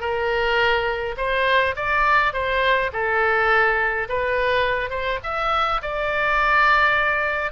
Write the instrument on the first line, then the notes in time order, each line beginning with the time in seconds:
oboe
0.00 A#4
1.17 C5
1.76 D5
2.33 C5
2.92 A4
4.08 B4
4.89 C5
5.23 E5
5.81 D5